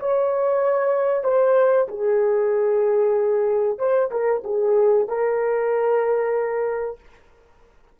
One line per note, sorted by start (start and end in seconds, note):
0.00 1.24 C#5
1.24 1.88 C5
1.88 3.79 G#4
3.79 4.11 C5
4.11 4.43 A#4
4.44 5.08 G#4
5.08 7.00 A#4